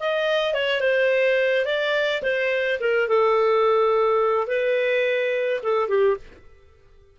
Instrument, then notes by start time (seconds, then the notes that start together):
clarinet
0.00 D#5
0.54 C#5
0.81 C5
1.65 D5
2.23 C5
2.80 A#4
3.08 A4
4.47 B4
5.63 A4
5.89 G4